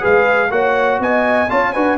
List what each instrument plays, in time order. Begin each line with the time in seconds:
0.00 tuba G#3, trombone G#4, horn B4, trumpet F5
0.50 tuba A#3, trombone F#4, horn C#5, trumpet F#5
1.00 tuba B3, horn D#5, trumpet G#5
1.50 tuba C#4, trombone F4, horn C#5, trumpet A5
1.73 tuba D4, trombone F#4, horn B4, trumpet G#5